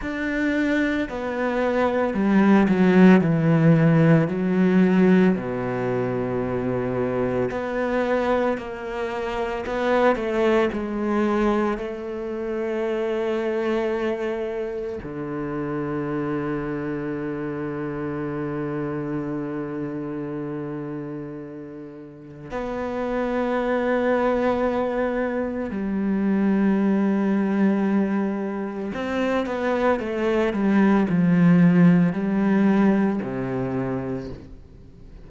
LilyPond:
\new Staff \with { instrumentName = "cello" } { \time 4/4 \tempo 4 = 56 d'4 b4 g8 fis8 e4 | fis4 b,2 b4 | ais4 b8 a8 gis4 a4~ | a2 d2~ |
d1~ | d4 b2. | g2. c'8 b8 | a8 g8 f4 g4 c4 | }